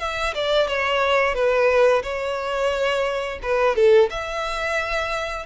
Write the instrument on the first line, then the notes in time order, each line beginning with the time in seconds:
violin
0.00 E5
0.35 D5
0.68 C#5
1.35 B4
2.03 C#5
3.43 B4
3.76 A4
4.10 E5